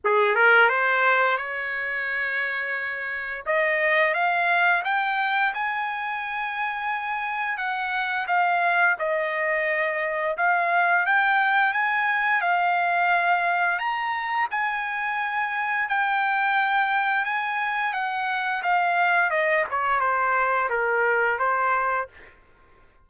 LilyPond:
\new Staff \with { instrumentName = "trumpet" } { \time 4/4 \tempo 4 = 87 gis'8 ais'8 c''4 cis''2~ | cis''4 dis''4 f''4 g''4 | gis''2. fis''4 | f''4 dis''2 f''4 |
g''4 gis''4 f''2 | ais''4 gis''2 g''4~ | g''4 gis''4 fis''4 f''4 | dis''8 cis''8 c''4 ais'4 c''4 | }